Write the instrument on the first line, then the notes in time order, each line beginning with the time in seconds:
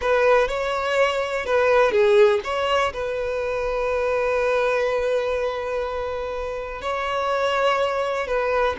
violin
0.01 B4
0.48 C#5
1.45 B4
1.91 G#4
2.44 C#5
2.93 B4
6.81 C#5
8.27 B4